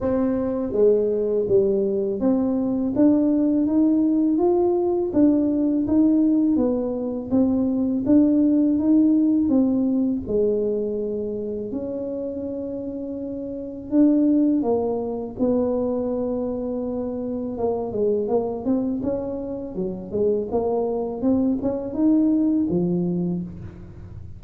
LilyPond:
\new Staff \with { instrumentName = "tuba" } { \time 4/4 \tempo 4 = 82 c'4 gis4 g4 c'4 | d'4 dis'4 f'4 d'4 | dis'4 b4 c'4 d'4 | dis'4 c'4 gis2 |
cis'2. d'4 | ais4 b2. | ais8 gis8 ais8 c'8 cis'4 fis8 gis8 | ais4 c'8 cis'8 dis'4 f4 | }